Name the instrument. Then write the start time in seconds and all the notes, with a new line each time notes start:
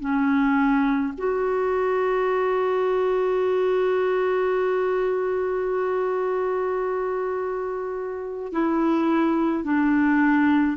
clarinet
0.00 C#4
1.17 F#4
8.52 E4
9.64 D4